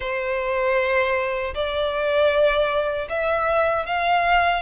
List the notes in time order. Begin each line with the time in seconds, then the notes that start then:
0.00 C5
1.54 D5
3.09 E5
3.86 F5